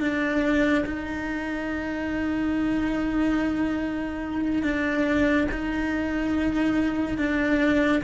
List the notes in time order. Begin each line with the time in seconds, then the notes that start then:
0.00 D4
0.85 D#4
4.62 D4
5.51 D#4
7.18 D4